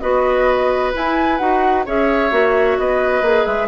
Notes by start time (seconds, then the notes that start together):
0.00 B3 F#4 B4 D#5
0.93 E4 G#5
1.38 D#4 F#4 F#5
1.85 C#4 G#4 C#5 E5
2.31 A#3 F#4
2.78 B3 B4 D#5
3.22 A#3 G#4
3.46 G#3 E5